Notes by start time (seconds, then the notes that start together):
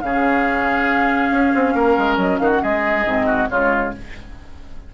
0.00 C#3 C#4 G#4 F5
1.31 C#4
1.55 C4
1.74 A#3 A#4
1.98 G#3
2.17 F#3 D#5
2.38 D#3 F#4 F5
2.55 F#5
2.62 G#3 G#4 D#5
3.05 G#2 C4
3.26 F#4
3.49 C#3 G#3 F4 C#5